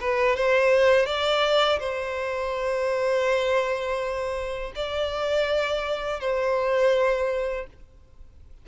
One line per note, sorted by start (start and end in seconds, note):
0.00 0.36 B4
0.36 1.05 C5
1.05 1.79 D5
1.79 4.72 C5
4.75 6.20 D5
6.20 7.66 C5